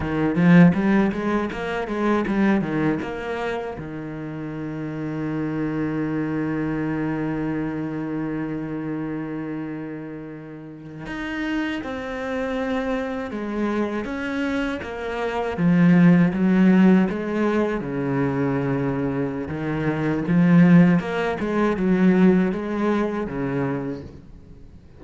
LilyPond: \new Staff \with { instrumentName = "cello" } { \time 4/4 \tempo 4 = 80 dis8 f8 g8 gis8 ais8 gis8 g8 dis8 | ais4 dis2.~ | dis1~ | dis2~ dis8. dis'4 c'16~ |
c'4.~ c'16 gis4 cis'4 ais16~ | ais8. f4 fis4 gis4 cis16~ | cis2 dis4 f4 | ais8 gis8 fis4 gis4 cis4 | }